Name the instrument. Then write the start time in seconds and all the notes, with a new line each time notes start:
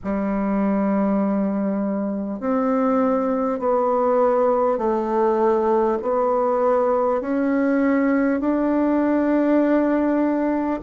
bassoon
0.03 G3
2.40 C4
3.59 B3
4.78 A3
6.02 B3
7.21 C#4
8.40 D4